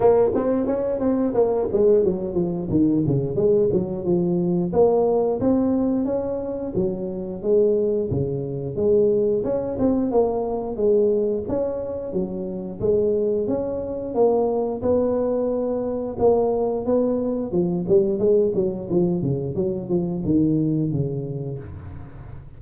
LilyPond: \new Staff \with { instrumentName = "tuba" } { \time 4/4 \tempo 4 = 89 ais8 c'8 cis'8 c'8 ais8 gis8 fis8 f8 | dis8 cis8 gis8 fis8 f4 ais4 | c'4 cis'4 fis4 gis4 | cis4 gis4 cis'8 c'8 ais4 |
gis4 cis'4 fis4 gis4 | cis'4 ais4 b2 | ais4 b4 f8 g8 gis8 fis8 | f8 cis8 fis8 f8 dis4 cis4 | }